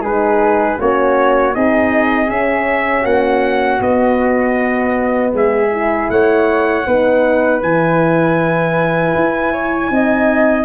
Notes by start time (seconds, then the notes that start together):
0.00 G#3 D#4 G#4 B4
0.76 A#3 C#4 F#4 C#5
1.52 C4 D#4 G#4 D#5
2.29 C#4 E5
3.01 A#3 F#4 F#5
3.80 B3 D#5
5.33 G#3 G#4 E5
5.71 E4
6.09 A3 C#5 F#5
6.86 B3 D#4 B4
7.62 E3 E4 G#5
9.15 E4
9.52 C#5
9.89 C4 D#4 D#5